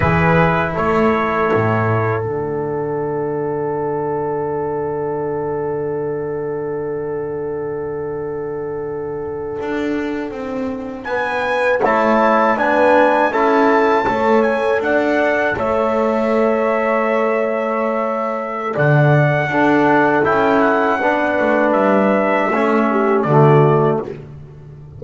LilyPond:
<<
  \new Staff \with { instrumentName = "trumpet" } { \time 4/4 \tempo 4 = 80 b'4 cis''2 fis''4~ | fis''1~ | fis''1~ | fis''2~ fis''8. gis''4 a''16~ |
a''8. gis''4 a''4. gis''8 fis''16~ | fis''8. e''2.~ e''16~ | e''4 fis''2 g''8 fis''8~ | fis''4 e''2 d''4 | }
  \new Staff \with { instrumentName = "horn" } { \time 4/4 gis'4 a'2.~ | a'1~ | a'1~ | a'2~ a'8. b'4 cis''16~ |
cis''8. b'4 a'4 cis''4 d''16~ | d''8. cis''2.~ cis''16~ | cis''4 d''4 a'2 | b'2 a'8 g'8 fis'4 | }
  \new Staff \with { instrumentName = "trombone" } { \time 4/4 e'2. d'4~ | d'1~ | d'1~ | d'2.~ d'8. e'16~ |
e'8. d'4 e'4 a'4~ a'16~ | a'1~ | a'2 d'4 e'4 | d'2 cis'4 a4 | }
  \new Staff \with { instrumentName = "double bass" } { \time 4/4 e4 a4 a,4 d4~ | d1~ | d1~ | d8. d'4 c'4 b4 a16~ |
a8. b4 cis'4 a4 d'16~ | d'8. a2.~ a16~ | a4 d4 d'4 cis'4 | b8 a8 g4 a4 d4 | }
>>